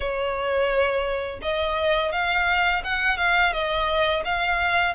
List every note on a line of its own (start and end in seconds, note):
0.00 1.39 C#5
1.41 2.11 D#5
2.11 2.82 F5
2.84 3.17 F#5
3.17 3.52 F5
3.52 4.23 D#5
4.24 4.94 F5